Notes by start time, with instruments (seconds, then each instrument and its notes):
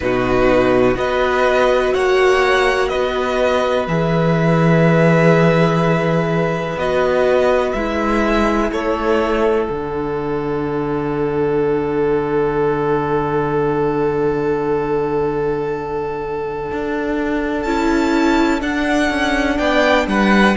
0.00 cello B2, viola D#4, violin F#4 B4
0.94 cello B3, viola F#4, violin B4 D#5
1.94 cello A#3, violin C#5 F#5
2.88 cello B3, violin B4 D#5
3.87 cello E3, viola G#4, violin E5
6.76 cello B3, viola F#4, violin D#5
7.73 cello G#3, viola E4, violin E5
8.71 cello A3, violin A4 C#5
9.67 cello D3, viola D4, violin F#5
16.72 cello D4
17.62 cello C#4, viola E4, violin A5
18.60 viola D4, cello D4, violin F#5
19.09 cello C#4
19.57 cello B3, violin D5 G5
20.06 cello G3, violin B4 F#5